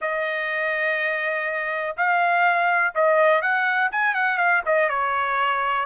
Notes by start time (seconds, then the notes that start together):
0.01 D#5
1.96 F5
2.94 D#5
3.41 F#5
3.91 G#5
4.14 F#5
4.37 F5
4.65 D#5
4.89 C#5